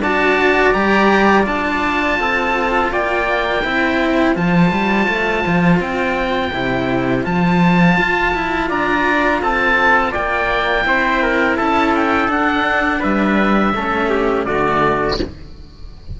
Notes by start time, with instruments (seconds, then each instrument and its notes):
0.00 cello D4 F#4, trumpet D5, oboe A5
0.73 cello G3 G4, oboe A#5
1.43 cello D4 F4, oboe A5
2.18 cello C4, trumpet A4
2.92 cello A#3, trumpet D5, oboe G5
3.64 cello C4 E4, trumpet C5
4.35 cello F3 F4, oboe A5
4.72 cello G3
5.08 cello A3
5.46 cello F3
5.79 cello C4, oboe G5
6.52 cello C3 E4
7.23 cello F3 F4, oboe A5
7.98 cello F4
8.34 cello E4
8.69 cello D4, trumpet D5, oboe A#5
9.41 cello C4, trumpet A4, oboe A5
10.11 cello A#3, trumpet D5, oboe G5
10.84 cello C4 E4, trumpet C5
11.22 trumpet A#4
11.57 cello C#4, trumpet A4, oboe A5
11.95 oboe G5
12.28 cello D4, oboe F#5
12.99 cello G3, trumpet B4, oboe E5
13.74 cello A3 C#4, trumpet A4
14.10 trumpet G4
14.45 cello D3 A3, trumpet F#4, oboe D5